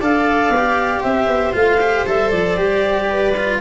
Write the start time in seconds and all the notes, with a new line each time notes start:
0.00 D4 A4 D5 F5
0.49 B3
0.57 G4
1.00 C4 C5 E5
1.27 B3
1.53 A3 F4 F5
1.81 G4
2.06 G3 A4 E5
2.30 F3 D5
2.57 G3 G4
3.09 B4
3.37 F4